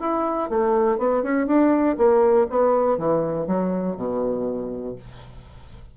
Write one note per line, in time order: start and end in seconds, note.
0.00 0.49 E4
0.49 0.98 A3
0.98 1.23 B3
1.23 1.47 C#4
1.47 1.97 D4
1.98 2.47 A#3
2.50 2.98 B3
2.98 3.47 E3
3.47 3.96 F#3
3.96 4.96 B2